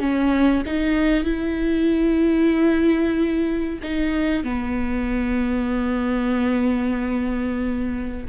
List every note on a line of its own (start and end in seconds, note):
0.00 0.64 C#4
0.66 1.24 D#4
1.24 3.80 E4
3.83 4.44 D#4
4.44 8.27 B3